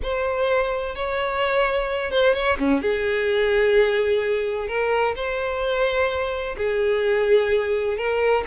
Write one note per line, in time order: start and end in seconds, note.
0.02 0.95 C5
0.95 2.10 C#5
2.10 2.34 C5
2.34 2.57 C#5
2.58 2.81 C#4
2.81 4.67 G#4
4.67 5.14 A#4
5.15 6.56 C5
6.57 7.97 G#4
7.97 8.44 A#4